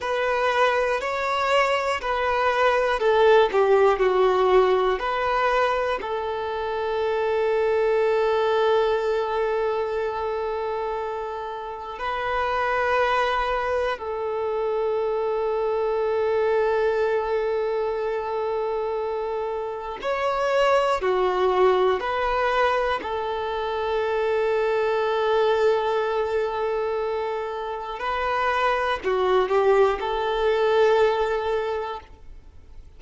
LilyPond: \new Staff \with { instrumentName = "violin" } { \time 4/4 \tempo 4 = 60 b'4 cis''4 b'4 a'8 g'8 | fis'4 b'4 a'2~ | a'1 | b'2 a'2~ |
a'1 | cis''4 fis'4 b'4 a'4~ | a'1 | b'4 fis'8 g'8 a'2 | }